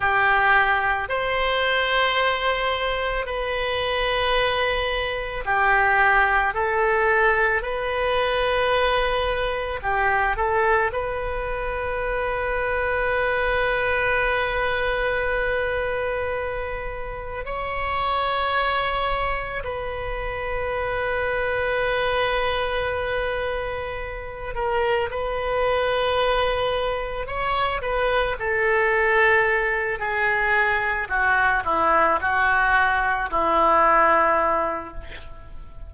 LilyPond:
\new Staff \with { instrumentName = "oboe" } { \time 4/4 \tempo 4 = 55 g'4 c''2 b'4~ | b'4 g'4 a'4 b'4~ | b'4 g'8 a'8 b'2~ | b'1 |
cis''2 b'2~ | b'2~ b'8 ais'8 b'4~ | b'4 cis''8 b'8 a'4. gis'8~ | gis'8 fis'8 e'8 fis'4 e'4. | }